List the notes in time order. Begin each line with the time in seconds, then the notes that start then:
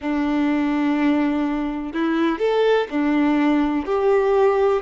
0.00 D4
1.93 E4
2.38 A4
2.90 D4
3.85 G4